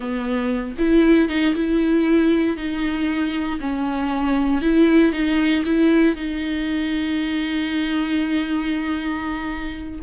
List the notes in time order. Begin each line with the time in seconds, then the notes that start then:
0.00 B3
0.78 E4
1.28 D#4
1.54 E4
2.56 D#4
3.60 C#4
4.61 E4
5.12 D#4
5.65 E4
6.15 D#4